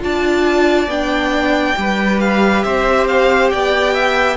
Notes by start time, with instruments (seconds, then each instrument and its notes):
0.00 cello D4, viola F4, violin D5 A5
0.86 cello B3, viola D4, violin G5
1.76 cello G3, viola G4, violin B4
2.20 violin F5
2.63 cello C4, violin C5 E5
3.07 violin F5
3.50 cello B3, violin D5 G5
3.93 violin E5